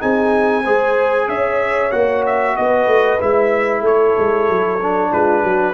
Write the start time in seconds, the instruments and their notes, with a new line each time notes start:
0.00 tuba C4, trombone D#4, horn G#4, trumpet G#5
0.64 tuba G#3, trombone G#4, horn C5
1.29 tuba C#4, horn C#5, trumpet E5
1.92 tuba A#3, trombone F#4, trumpet F#5
2.27 trumpet E5
2.57 tuba B3, horn B4, trumpet D#5
2.87 tuba A3
3.20 tuba G#3, trombone E4, trumpet E5
3.82 tuba A3, horn A4, trumpet C#5
4.18 tuba G#3
4.49 tuba F#3
4.82 trombone D4
5.12 tuba G#3, horn F4, trumpet B4
5.44 tuba F#3, horn F#4